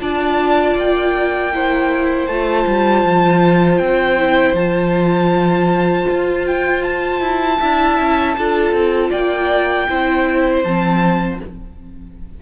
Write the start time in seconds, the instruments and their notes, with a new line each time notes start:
0.00 cello D4, viola F4, violin D5 A5
0.75 cello A#3, violin G5
1.53 viola E4, violin C5
2.26 cello A3, viola F4, violin A5
2.66 cello G3
3.04 cello F3
3.78 cello C4, violin G5
4.18 viola E4
4.53 cello F3, viola F4, violin A5
6.09 cello F4
6.46 violin G5
6.83 violin A5
7.21 cello E4
7.59 cello D4, viola E4, violin E5
7.99 cello C#4
8.37 cello D4, viola F4, violin A4
8.72 cello C4
9.09 cello A#3, violin D5 G5
9.89 cello C4, viola E4, violin C5
10.63 cello F3, viola C4, violin A5